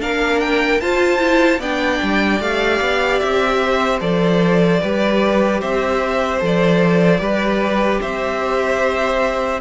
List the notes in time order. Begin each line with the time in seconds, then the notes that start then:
0.00 A#3 D4 A#4 F5
0.41 G5
0.80 F4 C5 A5
1.19 E4
1.59 B3 D4 D5 G5
2.03 G3
2.40 A3 G4 F5
2.81 B3
3.20 C4 E5
3.64 C5
4.01 F3 A4 D5
4.82 G3 G4 B4
5.61 C4 C5 E5
6.40 F3 A4 D5
7.19 G3 G4 B4
8.01 C4 C5 E5